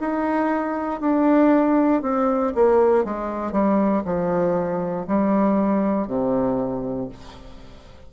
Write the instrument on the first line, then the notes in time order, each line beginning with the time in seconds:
bassoon
0.00 D#4
1.01 D4
2.02 C4
2.55 A#3
3.05 G#3
3.52 G3
4.05 F3
5.08 G3
6.07 C3